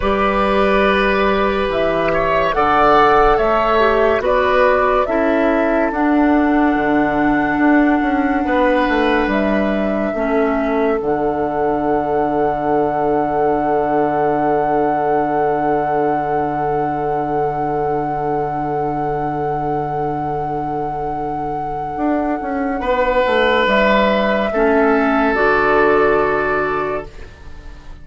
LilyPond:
<<
  \new Staff \with { instrumentName = "flute" } { \time 4/4 \tempo 4 = 71 d''2 e''4 fis''4 | e''4 d''4 e''4 fis''4~ | fis''2. e''4~ | e''4 fis''2.~ |
fis''1~ | fis''1~ | fis''1 | e''2 d''2 | }
  \new Staff \with { instrumentName = "oboe" } { \time 4/4 b'2~ b'8 cis''8 d''4 | cis''4 b'4 a'2~ | a'2 b'2 | a'1~ |
a'1~ | a'1~ | a'2. b'4~ | b'4 a'2. | }
  \new Staff \with { instrumentName = "clarinet" } { \time 4/4 g'2. a'4~ | a'8 g'8 fis'4 e'4 d'4~ | d'1 | cis'4 d'2.~ |
d'1~ | d'1~ | d'1~ | d'4 cis'4 fis'2 | }
  \new Staff \with { instrumentName = "bassoon" } { \time 4/4 g2 e4 d4 | a4 b4 cis'4 d'4 | d4 d'8 cis'8 b8 a8 g4 | a4 d2.~ |
d1~ | d1~ | d2 d'8 cis'8 b8 a8 | g4 a4 d2 | }
>>